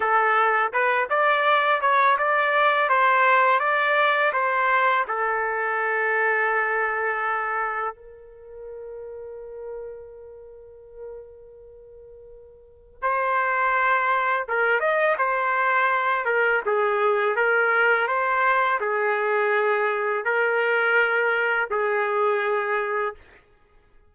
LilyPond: \new Staff \with { instrumentName = "trumpet" } { \time 4/4 \tempo 4 = 83 a'4 b'8 d''4 cis''8 d''4 | c''4 d''4 c''4 a'4~ | a'2. ais'4~ | ais'1~ |
ais'2 c''2 | ais'8 dis''8 c''4. ais'8 gis'4 | ais'4 c''4 gis'2 | ais'2 gis'2 | }